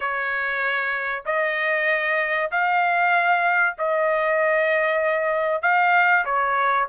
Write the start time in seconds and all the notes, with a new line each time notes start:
0.00 C#5
1.25 D#5
2.51 F5
3.78 D#5
5.62 F5
6.25 C#5